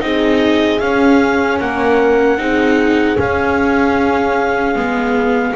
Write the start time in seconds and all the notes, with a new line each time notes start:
0.00 C4 D#4 G#4 D#5
0.79 C#4 F5
1.60 A#3 A#4 F#5
2.37 C4 D#4 G#4
3.16 C#4 F5
4.75 G#3 B3